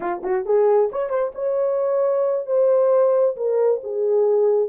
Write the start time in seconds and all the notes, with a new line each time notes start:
0.00 F4
0.23 F#4
0.45 G#4
0.92 C#5
1.09 C5
1.35 C#5
2.46 C5
3.36 A#4
3.83 G#4